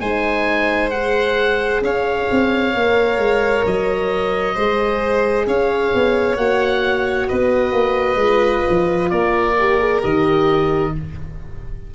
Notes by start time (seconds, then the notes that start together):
0.00 G#3 D#4 C5 G#5
0.90 G#4 F#5
1.82 C#4 C#5 F5
2.31 C4
2.74 A#3 A#4
3.18 G#3
3.66 F#3 D#5
4.55 G#3 G#4 C5
5.47 C#4 C#5 F5
5.94 B3
6.37 A#3 F#4 F#5
7.28 B3 B4 D#5
7.72 A#3
8.16 G#3 F4
8.70 F3
9.10 A#3 A#4 D5
9.59 G4
9.80 G#4
10.02 D#3 G4 D#5